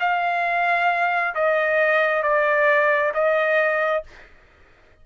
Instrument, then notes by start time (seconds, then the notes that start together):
trumpet
0.00 F5
1.35 D#5
2.23 D5
3.14 D#5